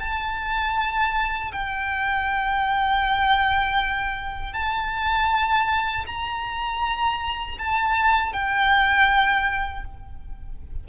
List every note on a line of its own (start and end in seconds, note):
0.00 1.52 A5
1.52 4.54 G5
4.54 6.06 A5
6.07 7.58 A#5
7.59 8.33 A5
8.33 9.85 G5